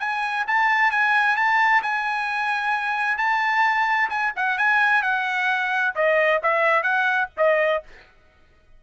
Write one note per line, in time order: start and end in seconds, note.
0.00 0.46 G#5
0.48 0.91 A5
0.91 1.37 G#5
1.37 1.82 A5
1.83 3.18 G#5
3.18 4.10 A5
4.10 4.33 G#5
4.36 4.58 F#5
4.58 5.03 G#5
5.03 5.94 F#5
5.96 6.41 D#5
6.43 6.83 E5
6.83 7.29 F#5
7.38 7.83 D#5